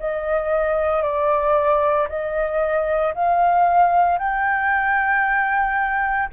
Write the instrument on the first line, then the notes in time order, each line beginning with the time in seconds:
flute
0.00 D#5
1.03 D5
2.09 D#5
3.15 F5
4.19 G5